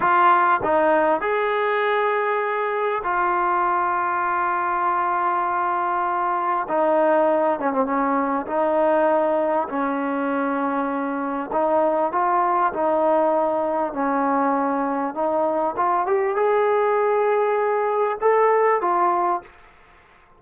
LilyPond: \new Staff \with { instrumentName = "trombone" } { \time 4/4 \tempo 4 = 99 f'4 dis'4 gis'2~ | gis'4 f'2.~ | f'2. dis'4~ | dis'8 cis'16 c'16 cis'4 dis'2 |
cis'2. dis'4 | f'4 dis'2 cis'4~ | cis'4 dis'4 f'8 g'8 gis'4~ | gis'2 a'4 f'4 | }